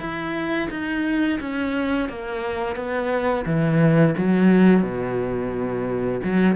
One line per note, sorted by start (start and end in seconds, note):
0.00 0.69 E4
0.71 1.39 D#4
1.40 2.09 C#4
2.09 2.76 A#3
2.76 3.45 B3
3.46 4.15 E3
4.17 4.83 F#3
4.83 6.21 B2
6.24 6.55 F#3